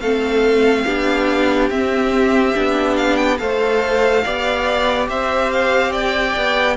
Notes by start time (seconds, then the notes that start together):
0.00 A3 C4 A4 F5
0.85 B3 D4 G4
1.70 C4 E5
2.55 B3 D4
2.96 F5
3.16 G5
3.37 A3 A4 C5 F5
4.24 B3 G4 D5
5.08 C4 C5 E5
5.51 F5
5.92 D5 G5
6.36 B3